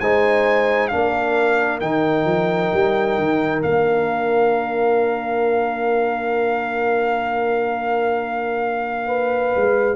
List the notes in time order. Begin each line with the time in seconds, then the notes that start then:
0.00 G#3 D#4 C5 G#5
0.88 A#3 D4 F5
0.95 A#4
1.80 D#3 D#4 G5
2.25 F3
2.73 G3
3.18 D#3
3.62 A#3 D4 F5
9.06 B4
9.55 G#3